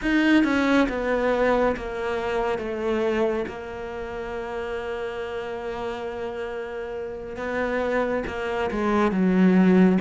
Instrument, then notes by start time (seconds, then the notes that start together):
cello
0.02 D#4
0.43 C#4
0.88 B3
1.76 A#3
2.58 A3
3.47 A#3
7.36 B3
8.26 A#3
8.70 G#3
9.11 F#3